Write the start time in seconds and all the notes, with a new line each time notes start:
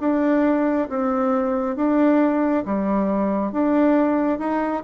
0.00 D4
0.89 C4
1.76 D4
2.65 G3
3.52 D4
4.39 D#4